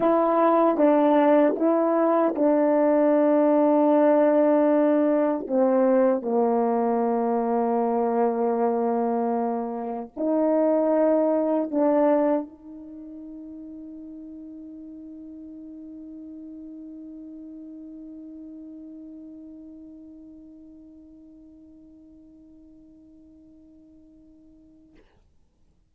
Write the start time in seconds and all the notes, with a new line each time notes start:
0.00 E4
0.77 D4
1.56 E4
2.35 D4
5.47 C4
6.22 A#3
10.16 D#4
11.70 D4
12.48 D#4